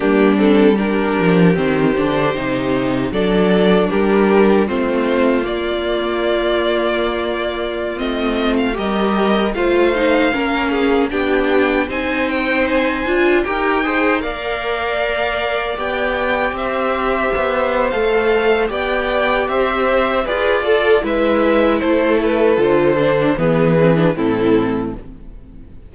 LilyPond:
<<
  \new Staff \with { instrumentName = "violin" } { \time 4/4 \tempo 4 = 77 g'8 a'8 ais'4 c''2 | d''4 ais'4 c''4 d''4~ | d''2~ d''16 dis''8. f''16 dis''8.~ | dis''16 f''2 g''4 gis''8 g''16~ |
g''16 gis''4 g''4 f''4.~ f''16~ | f''16 g''4 e''4.~ e''16 f''4 | g''4 e''4 d''4 e''4 | c''8 b'8 c''4 b'4 a'4 | }
  \new Staff \with { instrumentName = "violin" } { \time 4/4 d'4 g'2. | a'4 g'4 f'2~ | f'2.~ f'16 ais'8.~ | ais'16 c''4 ais'8 gis'8 g'4 c''8.~ |
c''4~ c''16 ais'8 c''8 d''4.~ d''16~ | d''4~ d''16 c''2~ c''8. | d''4 c''4 b'8 a'8 b'4 | a'2 gis'4 e'4 | }
  \new Staff \with { instrumentName = "viola" } { \time 4/4 ais8 c'8 d'4 c'8 d'8 dis'4 | d'2 c'4 ais4~ | ais2~ ais16 c'4 g'8.~ | g'16 f'8 dis'8 cis'4 d'4 dis'8.~ |
dis'8. f'8 g'8 gis'8 ais'4.~ ais'16~ | ais'16 g'2~ g'8. a'4 | g'2 gis'8 a'8 e'4~ | e'4 f'8 d'8 b8 c'16 d'16 c'4 | }
  \new Staff \with { instrumentName = "cello" } { \time 4/4 g4. f8 dis8 d8 c4 | fis4 g4 a4 ais4~ | ais2~ ais16 a4 g8.~ | g16 a4 ais4 b4 c'8.~ |
c'8. d'8 dis'4 ais4.~ ais16~ | ais16 b4 c'4 b8. a4 | b4 c'4 f'4 gis4 | a4 d4 e4 a,4 | }
>>